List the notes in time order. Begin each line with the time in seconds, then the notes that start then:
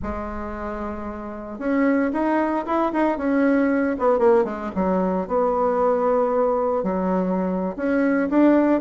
0.02 G#3
1.58 C#4
2.12 D#4
2.66 E4
2.92 D#4
3.17 C#4
3.98 B3
4.18 A#3
4.44 G#3
4.75 F#3
5.27 B3
6.83 F#3
7.76 C#4
8.29 D4